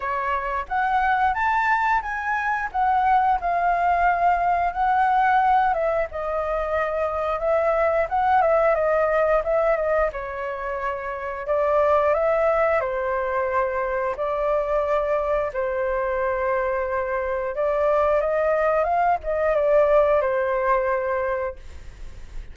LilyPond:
\new Staff \with { instrumentName = "flute" } { \time 4/4 \tempo 4 = 89 cis''4 fis''4 a''4 gis''4 | fis''4 f''2 fis''4~ | fis''8 e''8 dis''2 e''4 | fis''8 e''8 dis''4 e''8 dis''8 cis''4~ |
cis''4 d''4 e''4 c''4~ | c''4 d''2 c''4~ | c''2 d''4 dis''4 | f''8 dis''8 d''4 c''2 | }